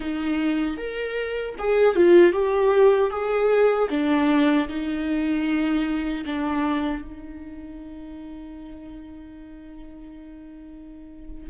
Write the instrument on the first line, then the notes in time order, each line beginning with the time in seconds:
viola
0.00 D#4
0.77 A#4
1.58 G#4
1.95 F4
2.32 G4
3.10 G#4
3.90 D4
4.68 D#4
6.25 D4
7.02 D#4